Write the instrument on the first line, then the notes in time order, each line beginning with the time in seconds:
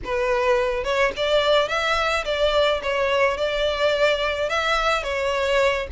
violin
0.04 B4
0.84 C#5
1.16 D5
1.68 E5
2.24 D5
2.82 C#5
3.37 D5
4.49 E5
5.03 C#5